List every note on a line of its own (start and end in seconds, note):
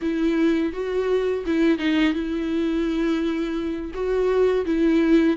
0.01 0.72 E4
0.72 1.44 F#4
1.46 1.78 E4
1.78 2.13 D#4
2.13 3.91 E4
3.94 4.65 F#4
4.65 5.36 E4